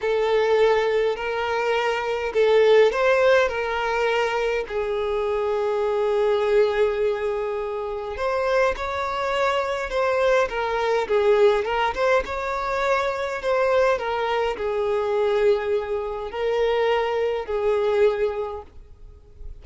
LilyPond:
\new Staff \with { instrumentName = "violin" } { \time 4/4 \tempo 4 = 103 a'2 ais'2 | a'4 c''4 ais'2 | gis'1~ | gis'2 c''4 cis''4~ |
cis''4 c''4 ais'4 gis'4 | ais'8 c''8 cis''2 c''4 | ais'4 gis'2. | ais'2 gis'2 | }